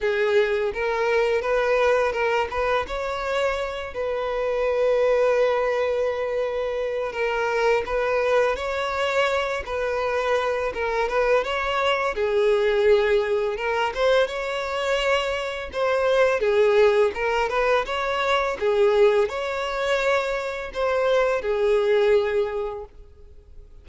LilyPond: \new Staff \with { instrumentName = "violin" } { \time 4/4 \tempo 4 = 84 gis'4 ais'4 b'4 ais'8 b'8 | cis''4. b'2~ b'8~ | b'2 ais'4 b'4 | cis''4. b'4. ais'8 b'8 |
cis''4 gis'2 ais'8 c''8 | cis''2 c''4 gis'4 | ais'8 b'8 cis''4 gis'4 cis''4~ | cis''4 c''4 gis'2 | }